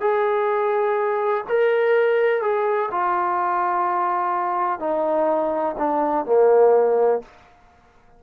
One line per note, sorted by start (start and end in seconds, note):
0.00 1.44 G#4
1.48 2.41 A#4
2.41 2.89 G#4
2.91 4.79 F4
4.79 5.75 D#4
5.78 6.25 D4
6.25 7.21 A#3